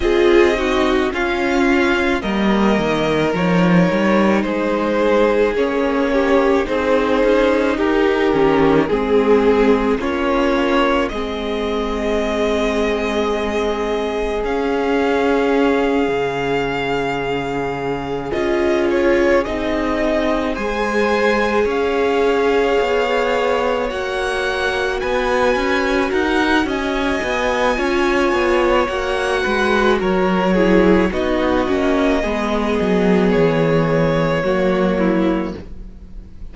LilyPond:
<<
  \new Staff \with { instrumentName = "violin" } { \time 4/4 \tempo 4 = 54 dis''4 f''4 dis''4 cis''4 | c''4 cis''4 c''4 ais'4 | gis'4 cis''4 dis''2~ | dis''4 f''2.~ |
f''8 dis''8 cis''8 dis''4 gis''4 f''8~ | f''4. fis''4 gis''4 fis''8 | gis''2 fis''4 cis''4 | dis''2 cis''2 | }
  \new Staff \with { instrumentName = "violin" } { \time 4/4 gis'8 fis'8 f'4 ais'2 | gis'4. g'8 gis'4 g'4 | gis'4 f'4 gis'2~ | gis'1~ |
gis'2~ gis'8 c''4 cis''8~ | cis''2~ cis''8 b'4 ais'8 | dis''4 cis''4. b'8 ais'8 gis'8 | fis'4 gis'2 fis'8 e'8 | }
  \new Staff \with { instrumentName = "viola" } { \time 4/4 f'8 dis'8 cis'4 ais4 dis'4~ | dis'4 cis'4 dis'4. cis'8 | c'4 cis'4 c'2~ | c'4 cis'2.~ |
cis'8 f'4 dis'4 gis'4.~ | gis'4. fis'2~ fis'8~ | fis'4 f'4 fis'4. e'8 | dis'8 cis'8 b2 ais4 | }
  \new Staff \with { instrumentName = "cello" } { \time 4/4 c'4 cis'4 g8 dis8 f8 g8 | gis4 ais4 c'8 cis'8 dis'8 dis8 | gis4 ais4 gis2~ | gis4 cis'4. cis4.~ |
cis8 cis'4 c'4 gis4 cis'8~ | cis'8 b4 ais4 b8 cis'8 dis'8 | cis'8 b8 cis'8 b8 ais8 gis8 fis4 | b8 ais8 gis8 fis8 e4 fis4 | }
>>